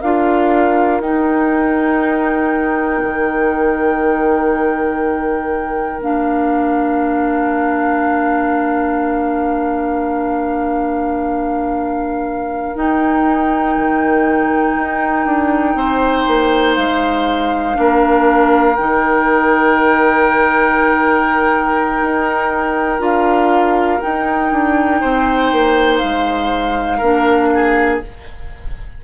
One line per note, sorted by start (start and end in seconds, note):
0.00 1.01 D4
0.00 1.02 F4
0.00 15.75 A#4
0.00 1.01 F5
1.01 3.01 D#4
1.01 6.00 D#4
1.01 6.01 G5
3.03 5.99 D#3
5.99 12.74 A#3
5.99 12.75 D4
5.99 12.76 F5
12.75 17.75 D#4
12.75 13.76 D#4
12.75 16.76 G5
13.77 14.76 D#3
14.76 15.25 D#4
15.25 15.75 D4
15.75 16.25 C4
15.75 17.77 C5
16.27 16.77 A#3
16.76 17.77 G#3
16.76 18.76 F5
17.75 18.77 A#3
17.75 18.75 D4
17.75 25.01 A#4
18.76 22.01 D#3
18.76 22.99 D#4
18.76 23.01 G5
22.01 22.99 D#4
22.99 23.99 D4
22.99 23.99 F4
22.99 24.00 F5
24.00 27.01 D#4
24.00 24.51 D#4
24.00 25.98 G5
24.51 25.01 D4
25.01 25.52 C4
25.01 26.97 C5
25.52 26.02 A#3
25.98 27.00 G#3
25.98 27.98 F5
26.97 28.00 A#3
26.97 28.02 D4
26.97 27.47 A#4
27.54 28.04 G#4